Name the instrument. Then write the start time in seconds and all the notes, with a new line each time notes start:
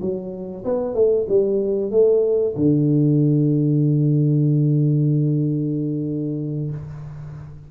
tuba
0.00 F#3
0.64 B3
0.94 A3
1.29 G3
1.91 A3
2.55 D3